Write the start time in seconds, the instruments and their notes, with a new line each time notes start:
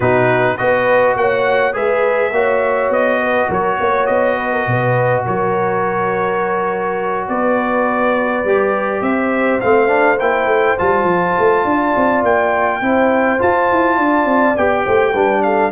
0.00 tuba B2, trombone D#4, horn F#4, trumpet B4
0.57 tuba B3, trombone F#4, horn B4, trumpet D#5
1.16 tuba A#3, horn C#5, trumpet F#5
1.73 tuba G#3, trombone G#4, horn B4, trumpet E5
2.31 tuba A#3, trombone F#4, horn C#5
2.89 tuba B3, trumpet D#5
3.22 horn B4
3.48 tuba F#3, horn A#4, trumpet C#5
3.80 tuba A#3, horn C#5
4.06 tuba B3, trumpet D#5
4.37 horn B4
4.52 horn A#4
4.67 tuba B2, horn B4
5.24 tuba F#3, horn A#4, trumpet C#5
7.28 tuba B3, horn B4, trumpet D5
8.44 tuba G3, trombone G4
9.01 tuba C4, horn C5, trumpet E5
9.60 tuba A3, trombone C4, trumpet F5
9.87 trombone D4
10.19 tuba A#3, trombone E4, trumpet G5
10.46 tuba A3
10.77 tuba G3, trombone F4, trumpet A5
11.04 tuba F3
11.38 tuba A3
11.64 tuba D4, horn D5
11.96 tuba C4
12.22 tuba A#3, trumpet G5
12.80 tuba C4, trombone E4, horn C5
13.38 trombone F4, tuba F4, trumpet A5
13.72 tuba E4
13.96 tuba D4, horn D5
14.25 tuba C4
14.57 tuba B3, trombone G4, trumpet G5
14.84 tuba A3, horn C5
15.12 tuba G3, trombone D4, horn B4
15.42 horn A4, trumpet F5